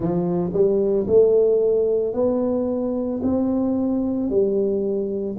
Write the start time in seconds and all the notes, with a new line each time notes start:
0.00 F3
0.53 G3
1.07 A3
2.13 B3
3.22 C4
4.29 G3